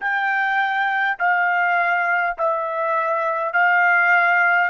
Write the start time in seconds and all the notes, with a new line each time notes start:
0.00 G5
1.19 F5
2.37 E5
3.53 F5